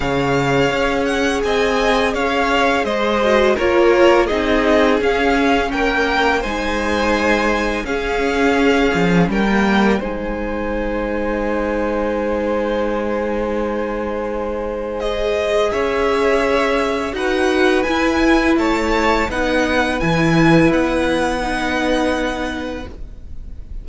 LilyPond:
<<
  \new Staff \with { instrumentName = "violin" } { \time 4/4 \tempo 4 = 84 f''4. fis''8 gis''4 f''4 | dis''4 cis''4 dis''4 f''4 | g''4 gis''2 f''4~ | f''4 g''4 gis''2~ |
gis''1~ | gis''4 dis''4 e''2 | fis''4 gis''4 a''4 fis''4 | gis''4 fis''2. | }
  \new Staff \with { instrumentName = "violin" } { \time 4/4 cis''2 dis''4 cis''4 | c''4 ais'4 gis'2 | ais'4 c''2 gis'4~ | gis'4 ais'4 c''2~ |
c''1~ | c''2 cis''2 | b'2 cis''4 b'4~ | b'1 | }
  \new Staff \with { instrumentName = "viola" } { \time 4/4 gis'1~ | gis'8 fis'8 f'4 dis'4 cis'4~ | cis'4 dis'2 cis'4~ | cis'4~ cis'16 ais8. dis'2~ |
dis'1~ | dis'4 gis'2. | fis'4 e'2 dis'4 | e'2 dis'2 | }
  \new Staff \with { instrumentName = "cello" } { \time 4/4 cis4 cis'4 c'4 cis'4 | gis4 ais4 c'4 cis'4 | ais4 gis2 cis'4~ | cis'8 f8 g4 gis2~ |
gis1~ | gis2 cis'2 | dis'4 e'4 a4 b4 | e4 b2. | }
>>